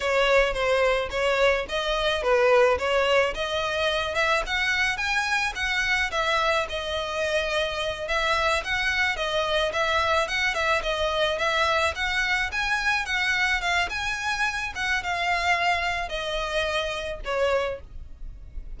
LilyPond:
\new Staff \with { instrumentName = "violin" } { \time 4/4 \tempo 4 = 108 cis''4 c''4 cis''4 dis''4 | b'4 cis''4 dis''4. e''8 | fis''4 gis''4 fis''4 e''4 | dis''2~ dis''8 e''4 fis''8~ |
fis''8 dis''4 e''4 fis''8 e''8 dis''8~ | dis''8 e''4 fis''4 gis''4 fis''8~ | fis''8 f''8 gis''4. fis''8 f''4~ | f''4 dis''2 cis''4 | }